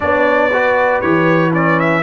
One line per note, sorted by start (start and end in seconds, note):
0.00 1.03 B3
0.00 0.51 D4
0.00 0.53 C#5
0.00 1.00 D5
0.53 1.03 F#4
0.53 2.03 B4
1.00 2.03 E3
1.00 1.52 G4
1.00 1.51 C#5
1.52 2.03 C#4
1.52 1.79 D5
1.79 2.03 E5